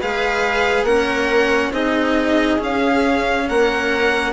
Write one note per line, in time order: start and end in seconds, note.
0.00 0.83 G#3
0.00 0.88 G#4
0.00 0.85 B4
0.00 0.85 F5
0.83 1.70 A#3
0.83 1.73 C#4
0.83 1.72 A#4
0.83 1.72 F#5
1.72 2.59 C4
1.72 2.59 D#4
1.72 3.47 G#4
1.72 2.61 D#5
2.59 4.33 C#4
2.59 3.49 C#4
2.59 3.49 F5
3.49 4.33 A#3
3.49 4.33 A#4
3.49 4.33 F#5